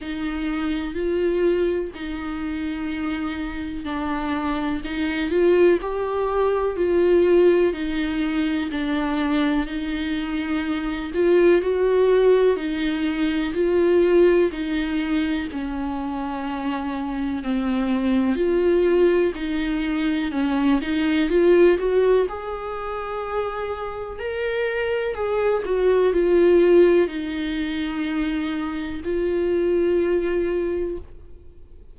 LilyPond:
\new Staff \with { instrumentName = "viola" } { \time 4/4 \tempo 4 = 62 dis'4 f'4 dis'2 | d'4 dis'8 f'8 g'4 f'4 | dis'4 d'4 dis'4. f'8 | fis'4 dis'4 f'4 dis'4 |
cis'2 c'4 f'4 | dis'4 cis'8 dis'8 f'8 fis'8 gis'4~ | gis'4 ais'4 gis'8 fis'8 f'4 | dis'2 f'2 | }